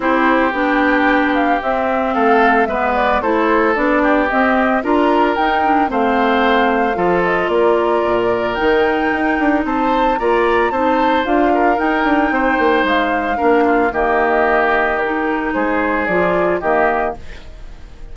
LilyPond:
<<
  \new Staff \with { instrumentName = "flute" } { \time 4/4 \tempo 4 = 112 c''4 g''4. f''8 e''4 | f''4 e''8 d''8 c''4 d''4 | dis''4 ais''4 g''4 f''4~ | f''4. dis''8 d''2 |
g''2 a''4 ais''4 | a''4 f''4 g''2 | f''2 dis''2 | ais'4 c''4 d''4 dis''4 | }
  \new Staff \with { instrumentName = "oboe" } { \time 4/4 g'1 | a'4 b'4 a'4. g'8~ | g'4 ais'2 c''4~ | c''4 a'4 ais'2~ |
ais'2 c''4 d''4 | c''4. ais'4. c''4~ | c''4 ais'8 f'8 g'2~ | g'4 gis'2 g'4 | }
  \new Staff \with { instrumentName = "clarinet" } { \time 4/4 e'4 d'2 c'4~ | c'4 b4 e'4 d'4 | c'4 f'4 dis'8 d'8 c'4~ | c'4 f'2. |
dis'2. f'4 | dis'4 f'4 dis'2~ | dis'4 d'4 ais2 | dis'2 f'4 ais4 | }
  \new Staff \with { instrumentName = "bassoon" } { \time 4/4 c'4 b2 c'4 | a4 gis4 a4 b4 | c'4 d'4 dis'4 a4~ | a4 f4 ais4 ais,4 |
dis4 dis'8 d'8 c'4 ais4 | c'4 d'4 dis'8 d'8 c'8 ais8 | gis4 ais4 dis2~ | dis4 gis4 f4 dis4 | }
>>